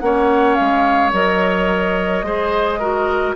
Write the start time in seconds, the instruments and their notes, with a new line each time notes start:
0.00 bassoon A#3, clarinet C#4, oboe C#5, flute F#5
0.55 bassoon G#3, flute F5
1.13 bassoon F#3, clarinet A#4, flute D#5
2.22 bassoon G#3, clarinet G#4, oboe C5
2.79 clarinet F#4, oboe A#4